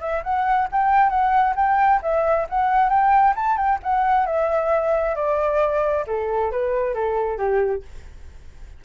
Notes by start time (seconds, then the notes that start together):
0.00 E5
0.23 F#5
0.72 G5
1.09 F#5
1.55 G5
2.02 E5
2.49 F#5
2.89 G5
3.36 A5
3.57 G5
3.83 F#5
4.26 E5
5.15 D5
6.07 A4
6.51 B4
6.94 A4
7.38 G4